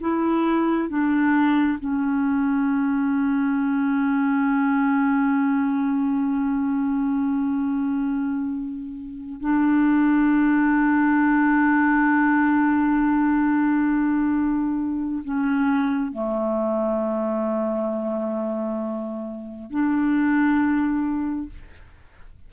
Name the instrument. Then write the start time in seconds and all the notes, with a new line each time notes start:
clarinet
0.00 E4
0.88 D4
1.79 C#4
9.40 D4
15.24 C#4
16.12 A3
19.70 D4